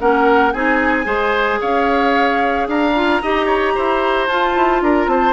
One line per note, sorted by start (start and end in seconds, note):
0.00 0.54 A#3
0.00 0.54 C#4
0.00 0.54 A#4
0.00 0.53 F#5
0.53 1.06 C4
0.53 1.05 D#4
0.53 1.06 G#4
0.53 1.60 G#5
1.05 1.60 G#3
1.05 2.93 G#4
1.05 1.60 C5
1.61 2.68 C#4
1.61 2.68 C#5
1.61 2.69 F5
2.68 3.22 D4
2.68 3.23 F5
2.68 4.28 A#5
2.96 3.22 F4
3.23 3.77 D#4
3.23 4.30 G4
3.23 3.46 D#5
3.46 3.73 C#5
3.76 4.28 E4
3.76 4.83 C5
4.28 4.55 F4
4.28 5.34 F4
4.28 4.82 A5
4.56 4.82 E4
4.82 5.07 D4
4.82 5.11 A#4
4.82 5.09 A#5
5.07 5.34 C4
5.07 5.34 C5
5.07 5.34 A5